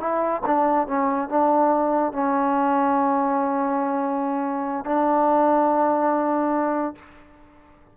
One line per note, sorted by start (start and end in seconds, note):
0.00 0.42 E4
0.47 0.88 D4
0.88 1.29 C#4
1.29 2.13 D4
2.13 4.85 C#4
4.85 6.95 D4